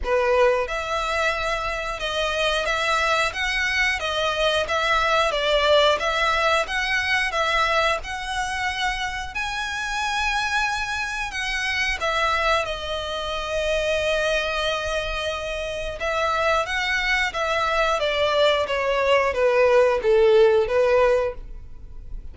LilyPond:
\new Staff \with { instrumentName = "violin" } { \time 4/4 \tempo 4 = 90 b'4 e''2 dis''4 | e''4 fis''4 dis''4 e''4 | d''4 e''4 fis''4 e''4 | fis''2 gis''2~ |
gis''4 fis''4 e''4 dis''4~ | dis''1 | e''4 fis''4 e''4 d''4 | cis''4 b'4 a'4 b'4 | }